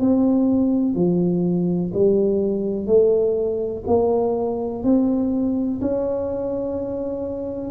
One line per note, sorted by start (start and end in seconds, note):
0.00 0.95 C4
0.95 1.91 F3
1.93 2.86 G3
2.86 3.83 A3
3.86 4.83 A#3
4.83 5.80 C4
5.81 7.70 C#4